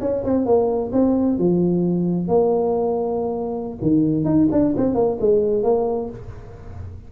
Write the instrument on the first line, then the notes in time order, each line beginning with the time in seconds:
tuba
0.00 C#4
0.23 C4
0.45 A#3
0.92 C4
1.38 F3
2.28 A#3
3.81 D#3
4.25 D#4
4.51 D4
4.77 C4
4.94 A#3
5.20 G#3
5.63 A#3